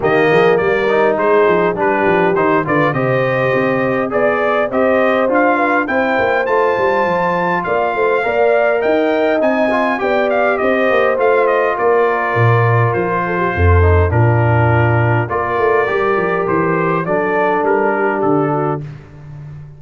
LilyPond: <<
  \new Staff \with { instrumentName = "trumpet" } { \time 4/4 \tempo 4 = 102 dis''4 d''4 c''4 b'4 | c''8 d''8 dis''2 d''4 | dis''4 f''4 g''4 a''4~ | a''4 f''2 g''4 |
gis''4 g''8 f''8 dis''4 f''8 dis''8 | d''2 c''2 | ais'2 d''2 | c''4 d''4 ais'4 a'4 | }
  \new Staff \with { instrumentName = "horn" } { \time 4/4 g'8 gis'8 ais'4 gis'4 g'4~ | g'8 b'8 c''2 d''4 | c''4. b'8 c''2~ | c''4 d''8 c''8 d''4 dis''4~ |
dis''4 d''4 c''2 | ais'2~ ais'8 a'16 g'16 a'4 | f'2 ais'2~ | ais'4 a'4. g'4 fis'8 | }
  \new Staff \with { instrumentName = "trombone" } { \time 4/4 ais4. dis'4. d'4 | dis'8 f'8 g'2 gis'4 | g'4 f'4 e'4 f'4~ | f'2 ais'2 |
dis'8 f'8 g'2 f'4~ | f'2.~ f'8 dis'8 | d'2 f'4 g'4~ | g'4 d'2. | }
  \new Staff \with { instrumentName = "tuba" } { \time 4/4 dis8 f8 g4 gis8 f8 g8 f8 | dis8 d8 c4 c'4 b4 | c'4 d'4 c'8 ais8 a8 g8 | f4 ais8 a8 ais4 dis'4 |
c'4 b4 c'8 ais8 a4 | ais4 ais,4 f4 f,4 | ais,2 ais8 a8 g8 f8 | e4 fis4 g4 d4 | }
>>